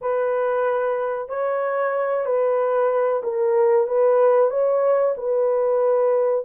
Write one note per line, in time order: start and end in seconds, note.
0.01 1.28 B4
1.28 2.25 C#5
2.25 3.22 B4
3.23 3.87 A#4
3.87 4.50 B4
4.50 5.14 C#5
5.17 6.45 B4